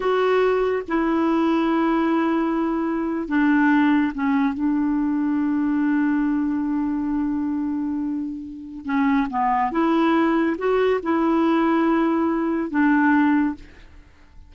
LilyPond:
\new Staff \with { instrumentName = "clarinet" } { \time 4/4 \tempo 4 = 142 fis'2 e'2~ | e'2.~ e'8. d'16~ | d'4.~ d'16 cis'4 d'4~ d'16~ | d'1~ |
d'1~ | d'4 cis'4 b4 e'4~ | e'4 fis'4 e'2~ | e'2 d'2 | }